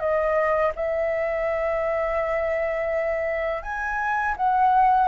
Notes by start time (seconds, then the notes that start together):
0.00 D#5
0.76 E5
3.63 G#5
4.37 F#5